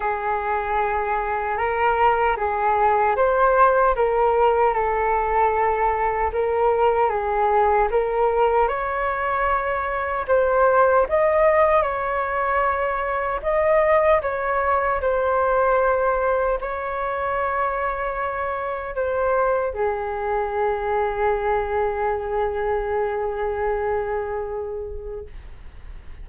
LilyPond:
\new Staff \with { instrumentName = "flute" } { \time 4/4 \tempo 4 = 76 gis'2 ais'4 gis'4 | c''4 ais'4 a'2 | ais'4 gis'4 ais'4 cis''4~ | cis''4 c''4 dis''4 cis''4~ |
cis''4 dis''4 cis''4 c''4~ | c''4 cis''2. | c''4 gis'2.~ | gis'1 | }